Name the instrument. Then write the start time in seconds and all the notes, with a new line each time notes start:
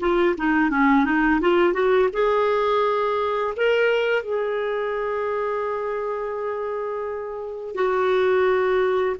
clarinet
0.00 F4
0.37 D#4
0.70 C#4
1.05 D#4
1.41 F4
1.73 F#4
2.13 G#4
3.56 A#4
4.23 G#4
7.75 F#4